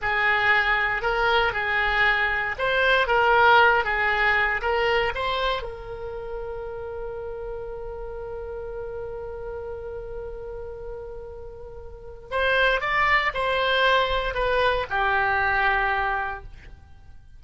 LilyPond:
\new Staff \with { instrumentName = "oboe" } { \time 4/4 \tempo 4 = 117 gis'2 ais'4 gis'4~ | gis'4 c''4 ais'4. gis'8~ | gis'4 ais'4 c''4 ais'4~ | ais'1~ |
ais'1~ | ais'1 | c''4 d''4 c''2 | b'4 g'2. | }